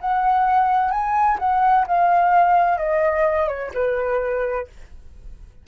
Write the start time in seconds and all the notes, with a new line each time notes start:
0.00 F#5
0.91 G#5
1.39 F#5
1.87 F5
2.77 D#5
3.48 C#5
3.73 B4